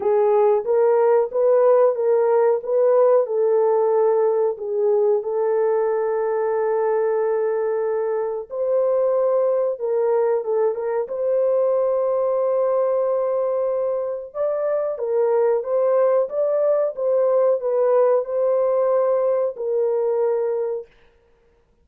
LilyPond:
\new Staff \with { instrumentName = "horn" } { \time 4/4 \tempo 4 = 92 gis'4 ais'4 b'4 ais'4 | b'4 a'2 gis'4 | a'1~ | a'4 c''2 ais'4 |
a'8 ais'8 c''2.~ | c''2 d''4 ais'4 | c''4 d''4 c''4 b'4 | c''2 ais'2 | }